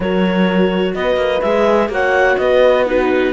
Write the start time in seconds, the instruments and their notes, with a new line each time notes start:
0.00 cello F#3, viola F#4, horn A#4, clarinet C#5
0.94 cello B3, horn B4, clarinet D#5
1.16 cello A#3
1.41 cello G#3, viola G#4, clarinet E5
1.88 cello A#3, viola F#4, horn C#5, clarinet F#5
2.37 cello B3, horn B4, clarinet D#5
2.86 viola D#4, horn F#4, clarinet B4